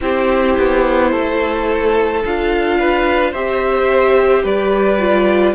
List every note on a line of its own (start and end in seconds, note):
0.00 0.56 C4
0.00 2.22 E4
0.00 1.11 G4
0.00 2.24 C5
0.57 1.13 B3
1.11 2.24 A3
1.11 2.78 A4
2.24 3.33 D4
2.24 3.34 F4
2.24 3.33 F5
2.79 3.31 B4
3.31 4.44 C4
3.31 4.99 G4
3.31 4.42 C5
3.31 4.44 E5
4.43 5.54 G3
4.43 5.54 B4
4.43 5.54 D5
4.99 5.54 F4